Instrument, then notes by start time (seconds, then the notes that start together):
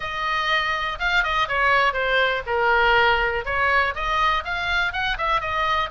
oboe
0.00 D#5
0.99 F5
1.23 D#5
1.48 C#5
1.93 C5
2.46 A#4
3.45 C#5
3.94 D#5
4.44 F5
4.92 F#5
5.17 E5
5.40 D#5